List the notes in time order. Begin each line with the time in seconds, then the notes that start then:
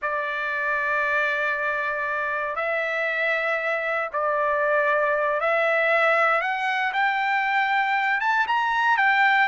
0.02 D5
2.55 E5
4.12 D5
5.40 E5
6.41 F#5
6.93 G5
8.20 A5
8.47 A#5
8.97 G5